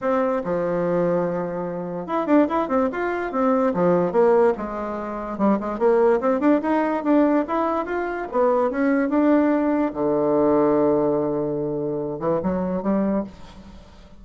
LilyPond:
\new Staff \with { instrumentName = "bassoon" } { \time 4/4 \tempo 4 = 145 c'4 f2.~ | f4 e'8 d'8 e'8 c'8 f'4 | c'4 f4 ais4 gis4~ | gis4 g8 gis8 ais4 c'8 d'8 |
dis'4 d'4 e'4 f'4 | b4 cis'4 d'2 | d1~ | d4. e8 fis4 g4 | }